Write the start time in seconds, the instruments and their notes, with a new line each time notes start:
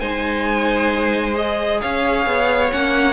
0.00 cello G#3, viola D#4, violin C5 G#5
1.34 viola G#4, violin D#5
1.81 cello C#4, violin C#5 F5
2.26 cello B3
2.72 cello A#3, viola C#4, violin F#5